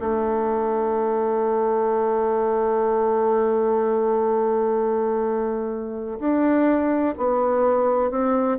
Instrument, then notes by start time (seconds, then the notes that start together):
bassoon
0.00 A3
6.19 D4
7.17 B3
8.11 C4